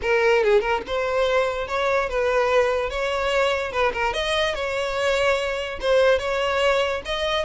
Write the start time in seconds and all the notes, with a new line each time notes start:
0.02 A#4
0.43 G#4
0.61 A#4
0.86 C5
1.67 C#5
2.09 B4
2.90 C#5
3.71 B4
3.93 A#4
4.13 D#5
4.54 C#5
5.80 C5
6.18 C#5
7.05 D#5